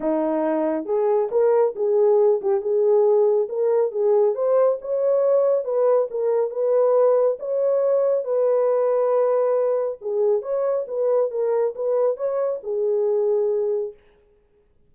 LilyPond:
\new Staff \with { instrumentName = "horn" } { \time 4/4 \tempo 4 = 138 dis'2 gis'4 ais'4 | gis'4. g'8 gis'2 | ais'4 gis'4 c''4 cis''4~ | cis''4 b'4 ais'4 b'4~ |
b'4 cis''2 b'4~ | b'2. gis'4 | cis''4 b'4 ais'4 b'4 | cis''4 gis'2. | }